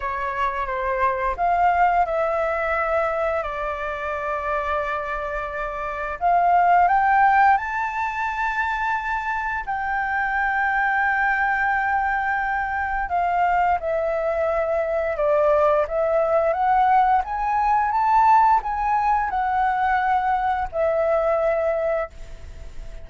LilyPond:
\new Staff \with { instrumentName = "flute" } { \time 4/4 \tempo 4 = 87 cis''4 c''4 f''4 e''4~ | e''4 d''2.~ | d''4 f''4 g''4 a''4~ | a''2 g''2~ |
g''2. f''4 | e''2 d''4 e''4 | fis''4 gis''4 a''4 gis''4 | fis''2 e''2 | }